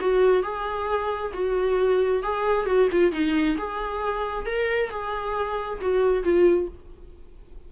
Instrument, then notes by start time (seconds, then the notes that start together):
viola
0.00 F#4
0.42 G#4
1.33 F#4
2.23 G#4
2.65 F#4
2.91 F4
3.11 D#4
3.57 G#4
4.45 A#4
4.89 G#4
5.80 F#4
6.23 F4